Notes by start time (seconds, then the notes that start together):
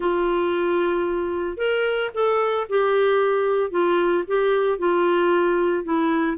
0.00 F4
1.57 A#4
2.14 A4
2.69 G4
3.70 F4
4.27 G4
4.78 F4
5.84 E4